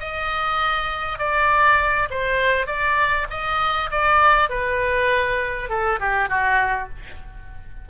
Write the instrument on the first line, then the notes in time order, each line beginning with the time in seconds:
oboe
0.00 D#5
1.19 D5
2.11 C5
2.67 D5
3.30 D#5
3.91 D5
4.49 B4
5.69 A4
6.00 G4
6.29 F#4